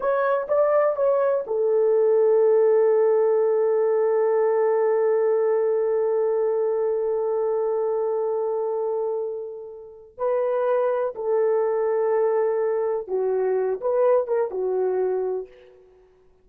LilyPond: \new Staff \with { instrumentName = "horn" } { \time 4/4 \tempo 4 = 124 cis''4 d''4 cis''4 a'4~ | a'1~ | a'1~ | a'1~ |
a'1~ | a'4 b'2 a'4~ | a'2. fis'4~ | fis'8 b'4 ais'8 fis'2 | }